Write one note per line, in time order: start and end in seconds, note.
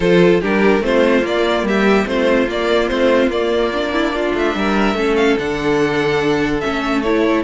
0.00 0.39 F3
0.00 0.42 F4
0.00 0.41 A4
0.00 0.41 C5
0.41 0.80 G3
0.41 0.81 D4
0.41 0.82 G4
0.41 0.84 A#4
0.80 1.22 A3
0.80 1.22 C4
0.80 1.67 F4
0.80 1.26 C5
1.22 1.63 A#3
1.22 2.05 A#3
1.22 1.67 D5
1.63 2.04 G3
1.63 2.08 G4
1.63 2.07 E5
2.05 2.47 A3
2.05 2.46 C4
2.05 3.92 F4
2.05 2.48 C5
2.47 2.89 A#3
2.47 2.90 A#3
2.47 2.88 D5
2.88 3.28 A3
2.88 3.31 C4
2.88 3.29 C5
3.28 4.31 A#3
3.28 3.72 A#3
3.28 4.35 D5
3.72 4.96 D4
3.92 4.12 E4
4.14 4.55 F4
4.34 4.54 A3
4.34 5.16 E5
4.54 4.94 G3
4.54 4.96 A#4
4.94 5.35 A3
4.94 5.37 C#4
4.94 7.44 A4
5.16 5.37 F5
5.38 6.62 D3
5.38 6.62 D4
5.38 6.60 F#5
6.60 7.44 A3
6.60 7.03 C#4
6.60 7.02 E5
7.02 7.44 E4
7.02 7.43 C#5